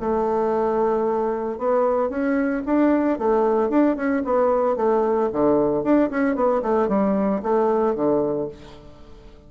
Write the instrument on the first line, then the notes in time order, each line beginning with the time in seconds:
bassoon
0.00 A3
1.58 B3
2.09 C#4
2.66 D4
3.18 A3
3.69 D4
3.96 C#4
4.24 B3
4.76 A3
5.32 D3
5.83 D4
6.10 C#4
6.35 B3
6.62 A3
6.88 G3
7.42 A3
7.95 D3